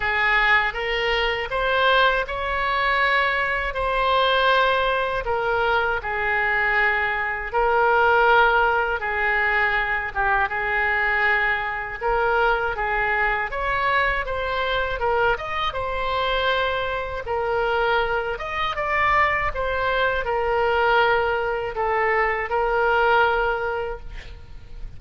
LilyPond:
\new Staff \with { instrumentName = "oboe" } { \time 4/4 \tempo 4 = 80 gis'4 ais'4 c''4 cis''4~ | cis''4 c''2 ais'4 | gis'2 ais'2 | gis'4. g'8 gis'2 |
ais'4 gis'4 cis''4 c''4 | ais'8 dis''8 c''2 ais'4~ | ais'8 dis''8 d''4 c''4 ais'4~ | ais'4 a'4 ais'2 | }